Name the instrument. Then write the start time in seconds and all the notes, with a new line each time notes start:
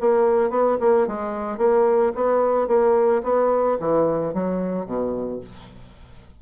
bassoon
0.00 A#3
0.50 B3
0.80 A#3
1.07 G#3
1.57 A#3
2.14 B3
2.67 A#3
3.23 B3
3.79 E3
4.33 F#3
4.85 B2